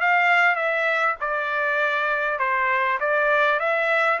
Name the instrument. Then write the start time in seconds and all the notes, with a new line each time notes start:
trumpet
0.00 F5
0.55 E5
1.20 D5
2.38 C5
3.00 D5
3.59 E5